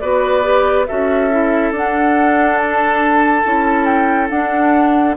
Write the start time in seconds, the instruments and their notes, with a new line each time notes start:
0.00 bassoon B3, clarinet F#4, oboe B4, flute D5
0.43 clarinet G4
0.87 bassoon C#4, clarinet F#4, oboe A4, flute E5
1.31 clarinet E4
1.71 bassoon D4, clarinet D4, flute F#5
2.59 flute A5
3.45 bassoon C#4, clarinet E4
3.86 flute G5
4.30 clarinet D4, bassoon D4, flute F#5